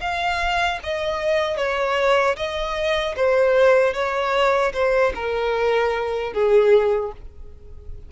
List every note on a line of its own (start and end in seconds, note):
0.00 0.79 F5
0.83 1.57 D#5
1.57 2.36 C#5
2.36 3.15 D#5
3.16 3.93 C5
3.93 4.72 C#5
4.73 5.13 C5
5.15 6.33 A#4
6.33 7.12 G#4